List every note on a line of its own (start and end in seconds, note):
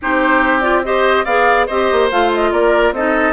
0.02 1.25 C4
0.02 0.62 D#4
0.02 0.85 G4
0.02 0.60 C5
0.60 0.83 F4
0.60 0.81 D5
0.84 1.26 G4
0.84 1.24 C5
0.84 1.25 D#5
1.24 1.67 B3
1.24 1.68 G#4
1.24 1.66 D5
1.24 1.67 F5
1.66 1.90 C4
1.66 2.11 G4
1.66 2.50 C5
1.66 2.09 D#5
1.91 2.11 A#3
2.11 2.51 A3
2.11 2.95 F4
2.11 2.32 F5
2.33 2.52 D#5
2.51 2.92 A#3
2.51 2.94 A#4
2.51 2.94 D5
2.92 3.33 C4
2.92 3.33 D#4
2.92 3.33 A4
2.92 3.33 D#5